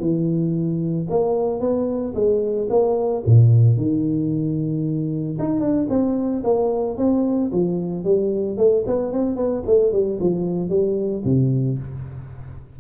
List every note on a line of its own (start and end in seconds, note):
0.00 1.07 E3
1.10 1.61 A#3
1.61 2.14 B3
2.15 2.68 G#3
2.70 3.24 A#3
3.26 3.77 A#2
3.77 5.38 D#3
5.39 5.61 D#4
5.61 5.87 D4
5.90 6.43 C4
6.44 6.98 A#3
6.98 7.51 C4
7.52 8.05 F3
8.05 8.58 G3
8.58 8.85 A3
8.87 9.12 B3
9.12 9.37 C4
9.37 9.64 B3
9.67 9.93 A3
9.93 10.19 G3
10.21 10.70 F3
10.70 11.23 G3
11.25 11.79 C3